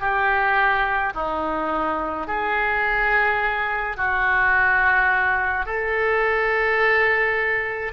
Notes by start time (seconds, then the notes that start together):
0.00 G4
1.14 D#4
2.27 G#4
3.97 F#4
5.66 A4